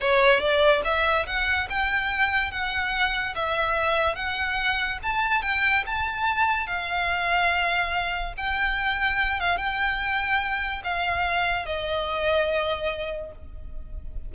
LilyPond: \new Staff \with { instrumentName = "violin" } { \time 4/4 \tempo 4 = 144 cis''4 d''4 e''4 fis''4 | g''2 fis''2 | e''2 fis''2 | a''4 g''4 a''2 |
f''1 | g''2~ g''8 f''8 g''4~ | g''2 f''2 | dis''1 | }